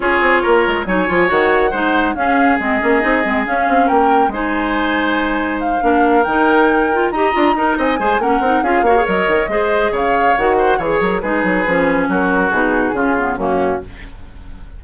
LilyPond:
<<
  \new Staff \with { instrumentName = "flute" } { \time 4/4 \tempo 4 = 139 cis''2 gis''4 fis''4~ | fis''4 f''4 dis''2 | f''4 g''4 gis''2~ | gis''4 f''4. g''4.~ |
g''8 ais''4. gis''4 fis''4 | f''4 dis''2 f''4 | fis''4 gis'8 ais'8 b'2 | ais'4 gis'2 fis'4 | }
  \new Staff \with { instrumentName = "oboe" } { \time 4/4 gis'4 ais'4 cis''2 | c''4 gis'2.~ | gis'4 ais'4 c''2~ | c''4. ais'2~ ais'8~ |
ais'8 dis''4 ais'8 dis''8 c''8 ais'4 | gis'8 cis''4. c''4 cis''4~ | cis''8 c''8 cis''4 gis'2 | fis'2 f'4 cis'4 | }
  \new Staff \with { instrumentName = "clarinet" } { \time 4/4 f'2 dis'8 f'8 fis'4 | dis'4 cis'4 c'8 cis'8 dis'8 c'8 | cis'2 dis'2~ | dis'4. d'4 dis'4. |
f'8 g'8 f'8 dis'4 gis'8 cis'8 dis'8 | f'8 fis'16 gis'16 ais'4 gis'2 | fis'4 gis'4 dis'4 cis'4~ | cis'4 dis'4 cis'8 b8 ais4 | }
  \new Staff \with { instrumentName = "bassoon" } { \time 4/4 cis'8 c'8 ais8 gis8 fis8 f8 dis4 | gis4 cis'4 gis8 ais8 c'8 gis8 | cis'8 c'8 ais4 gis2~ | gis4. ais4 dis4.~ |
dis8 dis'8 d'8 dis'8 c'8 gis8 ais8 c'8 | cis'8 ais8 fis8 dis8 gis4 cis4 | dis4 e8 fis8 gis8 fis8 f4 | fis4 b,4 cis4 fis,4 | }
>>